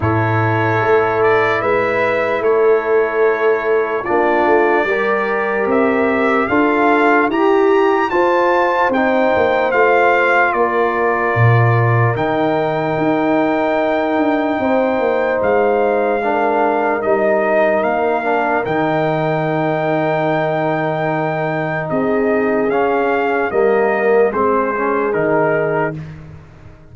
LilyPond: <<
  \new Staff \with { instrumentName = "trumpet" } { \time 4/4 \tempo 4 = 74 cis''4. d''8 e''4 cis''4~ | cis''4 d''2 e''4 | f''4 ais''4 a''4 g''4 | f''4 d''2 g''4~ |
g''2. f''4~ | f''4 dis''4 f''4 g''4~ | g''2. dis''4 | f''4 dis''4 c''4 ais'4 | }
  \new Staff \with { instrumentName = "horn" } { \time 4/4 a'2 b'4 a'4~ | a'4 f'4 ais'2 | a'4 g'4 c''2~ | c''4 ais'2.~ |
ais'2 c''2 | ais'1~ | ais'2. gis'4~ | gis'4 ais'4 gis'2 | }
  \new Staff \with { instrumentName = "trombone" } { \time 4/4 e'1~ | e'4 d'4 g'2 | f'4 g'4 f'4 dis'4 | f'2. dis'4~ |
dis'1 | d'4 dis'4. d'8 dis'4~ | dis'1 | cis'4 ais4 c'8 cis'8 dis'4 | }
  \new Staff \with { instrumentName = "tuba" } { \time 4/4 a,4 a4 gis4 a4~ | a4 ais8 a8 g4 c'4 | d'4 e'4 f'4 c'8 ais8 | a4 ais4 ais,4 dis4 |
dis'4. d'8 c'8 ais8 gis4~ | gis4 g4 ais4 dis4~ | dis2. c'4 | cis'4 g4 gis4 dis4 | }
>>